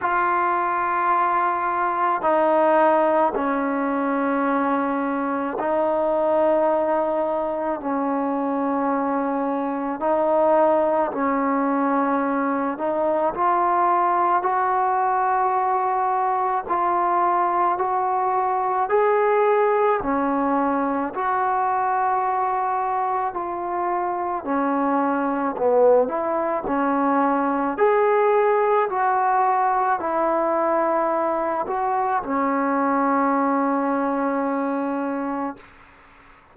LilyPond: \new Staff \with { instrumentName = "trombone" } { \time 4/4 \tempo 4 = 54 f'2 dis'4 cis'4~ | cis'4 dis'2 cis'4~ | cis'4 dis'4 cis'4. dis'8 | f'4 fis'2 f'4 |
fis'4 gis'4 cis'4 fis'4~ | fis'4 f'4 cis'4 b8 e'8 | cis'4 gis'4 fis'4 e'4~ | e'8 fis'8 cis'2. | }